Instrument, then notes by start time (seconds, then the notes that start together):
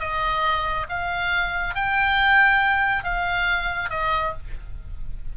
oboe
0.00 D#5
0.89 F5
1.75 G5
3.04 F5
3.90 D#5